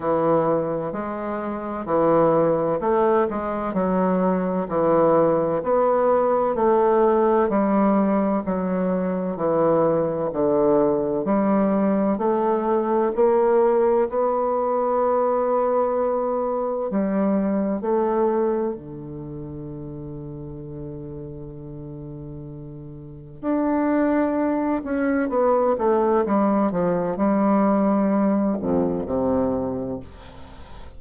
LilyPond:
\new Staff \with { instrumentName = "bassoon" } { \time 4/4 \tempo 4 = 64 e4 gis4 e4 a8 gis8 | fis4 e4 b4 a4 | g4 fis4 e4 d4 | g4 a4 ais4 b4~ |
b2 g4 a4 | d1~ | d4 d'4. cis'8 b8 a8 | g8 f8 g4. f,8 c4 | }